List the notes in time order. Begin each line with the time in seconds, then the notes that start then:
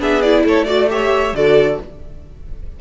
0.00 B3 D4 G#4 E5
0.22 E4 D5
0.45 A3 A4 C#5
0.65 F#4 D5
0.89 G4 C#5 E5
1.33 D3 F#4 A4 D5